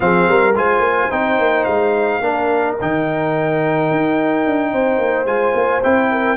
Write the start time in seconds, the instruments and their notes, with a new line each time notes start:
0.00 tuba F3, trombone C4, horn G#4, trumpet F5
0.28 tuba G3, horn A#4
0.55 tuba G#3, trombone F4, horn C5, trumpet G#5
0.79 tuba A#3
1.10 tuba C4, trombone D#4, trumpet G5
1.38 tuba A#3
1.63 tuba G#3, trumpet F5
2.20 tuba A#3, trombone D4, horn A#4
2.80 tuba D#3, trombone D#4, trumpet G5
3.91 tuba D#4
4.45 tuba D4
4.72 tuba C4, horn C5
4.98 tuba A#3
5.25 tuba G#3, trombone F4, trumpet G#5
5.54 tuba A#3
5.83 tuba C4, trombone E4, trumpet G5
6.11 horn A#4